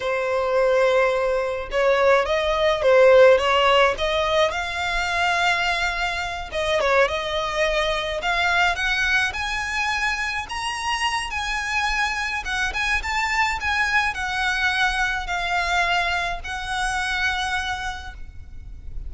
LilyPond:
\new Staff \with { instrumentName = "violin" } { \time 4/4 \tempo 4 = 106 c''2. cis''4 | dis''4 c''4 cis''4 dis''4 | f''2.~ f''8 dis''8 | cis''8 dis''2 f''4 fis''8~ |
fis''8 gis''2 ais''4. | gis''2 fis''8 gis''8 a''4 | gis''4 fis''2 f''4~ | f''4 fis''2. | }